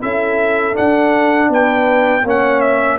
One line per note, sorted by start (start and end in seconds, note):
0.00 0.76 C#4
0.00 0.73 E4
0.00 1.49 A4
0.00 0.75 E5
0.73 2.21 D4
0.73 1.49 D4
0.73 1.50 F#5
1.49 2.23 B3
1.49 2.23 B4
1.49 2.27 G5
2.24 2.98 A#3
2.24 2.98 C#4
2.24 2.98 C#5
2.24 2.60 F#5
2.60 2.97 E5